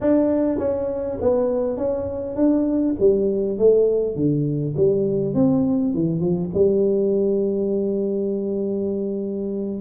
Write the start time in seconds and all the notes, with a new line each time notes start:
0.01 D4
0.58 C#4
1.21 B3
1.77 C#4
2.36 D4
2.99 G3
3.58 A3
4.15 D3
4.76 G3
5.34 C4
5.94 E3
6.20 F3
6.53 G3